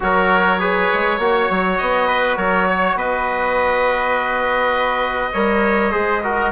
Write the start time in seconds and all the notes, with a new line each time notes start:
0.00 F#3 F#4 A#4 C#5
0.59 G#4 B4
0.93 G#3
1.18 A#3 F#4 C#5
1.50 F#3
1.77 B3 D#5
2.07 B4
2.36 F#3 A#4 C#5
2.68 C#5
2.94 B3 B4 D#5
5.32 G3 A#4 C#5
5.91 G#3 G#4 C5
6.23 F#4 A#4